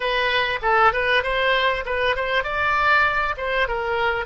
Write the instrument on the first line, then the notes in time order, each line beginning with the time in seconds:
oboe
0.00 B4
0.62 A4
0.92 B4
1.23 C5
1.85 B4
2.15 C5
2.43 D5
3.37 C5
3.68 A#4